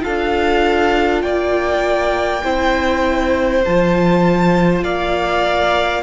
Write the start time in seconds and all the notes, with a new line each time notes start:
0.00 F4 A4 F5
0.07 D4
1.22 A#3 D5 G5
2.43 C4 E4 C5
3.65 F3 F4 A5
4.83 A#3 D5 F5